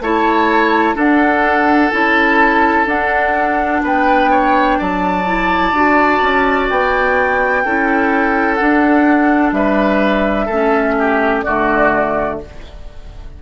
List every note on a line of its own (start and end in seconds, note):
0.00 0.95 A3
0.00 0.95 E4
0.00 0.95 C#5
0.00 0.97 A5
0.95 1.90 D4
0.95 1.91 D4
0.95 3.81 A4
0.95 1.90 F#5
1.90 2.86 C#4
1.90 2.86 E4
1.90 2.85 A5
2.86 5.24 D4
2.86 3.81 D4
2.86 3.83 F#5
3.82 4.78 B3
3.82 4.31 B4
3.82 4.81 G5
4.31 4.78 C#5
4.78 5.72 F#3
4.78 7.64 D5
4.78 6.69 A5
5.26 5.73 E4
5.72 6.19 D4
5.72 7.65 F#4
6.21 6.69 C#4
6.69 7.64 B3
6.69 8.55 G5
7.64 8.60 C#4
7.64 8.58 E4
7.64 9.55 A4
8.55 10.49 D4
8.55 9.52 D4
8.55 9.50 F#5
9.52 10.47 G3
9.52 10.45 B4
9.52 11.42 E5
10.45 11.43 A3
10.45 10.93 A4
10.52 11.45 C#4
10.98 11.44 G4
11.42 12.42 D3
11.42 12.41 A3
11.42 12.40 F#4
11.42 12.37 D5